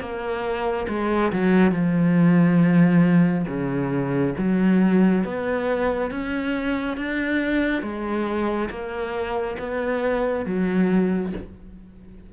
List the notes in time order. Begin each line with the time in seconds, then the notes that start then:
0.00 A#3
0.88 G#3
1.32 F#3
1.72 F3
3.47 C#3
4.38 F#3
5.25 B3
6.11 C#4
6.97 D4
7.82 G#3
8.70 A#3
9.58 B3
10.45 F#3